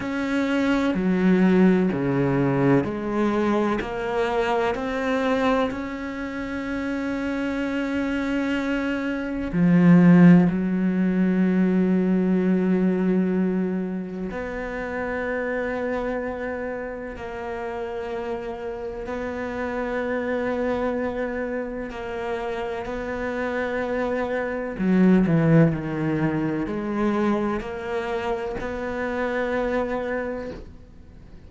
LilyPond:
\new Staff \with { instrumentName = "cello" } { \time 4/4 \tempo 4 = 63 cis'4 fis4 cis4 gis4 | ais4 c'4 cis'2~ | cis'2 f4 fis4~ | fis2. b4~ |
b2 ais2 | b2. ais4 | b2 fis8 e8 dis4 | gis4 ais4 b2 | }